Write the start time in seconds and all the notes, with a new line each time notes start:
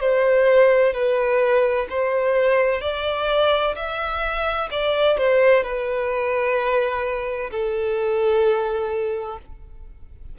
0.00 C5
0.93 B4
1.90 C5
2.81 D5
3.75 E5
4.71 D5
5.17 C5
5.63 B4
7.51 A4